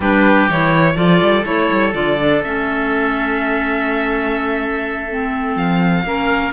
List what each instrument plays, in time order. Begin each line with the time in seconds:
0.00 cello G3, clarinet D4, oboe G4, violin B4
0.49 cello E3, clarinet E4, violin C#5
0.94 cello F3, clarinet F4, oboe A4, violin D5
1.21 cello G3
1.43 cello A3, clarinet E4, violin C#5
1.71 cello G3
1.92 cello D3, clarinet F4, violin D5
2.19 clarinet D4
2.43 cello A3, clarinet C#4, violin E5
5.09 clarinet C4
5.56 cello F3, violin F5
6.03 cello A#3, clarinet C#4, oboe A#4